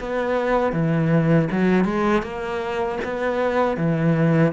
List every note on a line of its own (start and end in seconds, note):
0.00 0.73 B3
0.73 1.49 E3
1.52 1.85 F#3
1.85 2.23 G#3
2.23 2.99 A#3
3.04 3.77 B3
3.77 4.53 E3